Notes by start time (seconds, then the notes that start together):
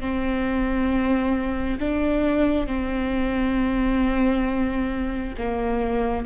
0.00 C4
1.80 D4
2.67 C4
5.38 A#3